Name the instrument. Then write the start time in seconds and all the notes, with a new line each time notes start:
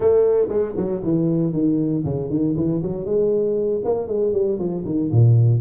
tuba
0.00 A3
0.48 G#3
0.77 F#3
1.03 E3
1.52 D#3
2.04 C#3
2.29 D#3
2.56 E3
2.82 F#3
3.05 G#3
3.84 A#3
4.07 G#3
4.32 G3
4.58 F3
4.85 D#3
5.11 A#2